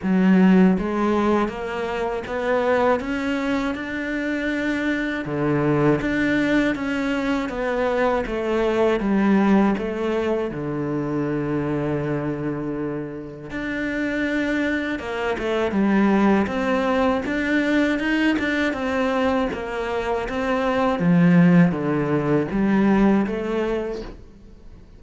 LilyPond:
\new Staff \with { instrumentName = "cello" } { \time 4/4 \tempo 4 = 80 fis4 gis4 ais4 b4 | cis'4 d'2 d4 | d'4 cis'4 b4 a4 | g4 a4 d2~ |
d2 d'2 | ais8 a8 g4 c'4 d'4 | dis'8 d'8 c'4 ais4 c'4 | f4 d4 g4 a4 | }